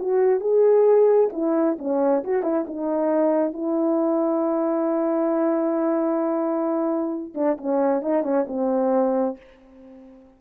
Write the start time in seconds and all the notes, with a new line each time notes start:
0.00 F#4
0.40 G#4
1.33 E4
1.79 C#4
2.24 F#4
2.43 E4
2.67 D#4
3.53 E4
7.35 D4
7.58 C#4
8.02 D#4
8.23 C#4
8.48 C4